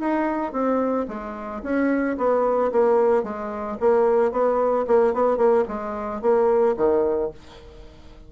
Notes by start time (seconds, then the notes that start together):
0.00 D#4
0.53 C4
1.08 G#3
1.63 C#4
2.18 B3
2.72 A#3
3.24 G#3
3.81 A#3
4.32 B3
4.87 A#3
5.14 B3
5.37 A#3
5.68 G#3
6.22 A#3
6.77 D#3